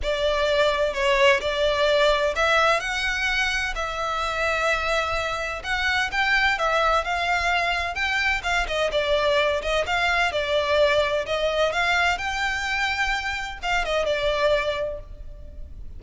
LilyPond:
\new Staff \with { instrumentName = "violin" } { \time 4/4 \tempo 4 = 128 d''2 cis''4 d''4~ | d''4 e''4 fis''2 | e''1 | fis''4 g''4 e''4 f''4~ |
f''4 g''4 f''8 dis''8 d''4~ | d''8 dis''8 f''4 d''2 | dis''4 f''4 g''2~ | g''4 f''8 dis''8 d''2 | }